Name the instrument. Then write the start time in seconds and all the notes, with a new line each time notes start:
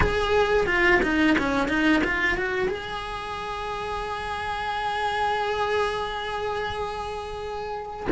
cello
0.00 G#4
0.66 F4
1.03 D#4
1.38 C#4
1.68 D#4
2.04 F4
2.37 F#4
2.68 G#4